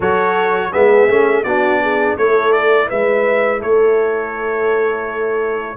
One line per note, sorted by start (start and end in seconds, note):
0.00 0.71 F#3
0.00 0.72 F#4
0.00 0.70 A4
0.00 0.72 C#5
0.72 1.08 G#3
0.72 1.08 B3
0.72 1.44 G#4
0.72 1.43 E5
1.08 1.44 A3
1.08 1.45 C#4
1.43 2.16 B3
1.43 2.18 D4
1.43 1.80 F#4
1.43 2.16 D5
1.82 2.16 G#4
2.16 2.90 A3
2.16 5.77 E4
2.16 2.87 A4
2.16 2.52 C#5
2.52 2.88 D5
2.87 3.62 G#3
2.87 3.60 B4
2.87 3.61 E5
3.60 5.77 A3
3.60 5.77 A4
3.60 5.77 C#5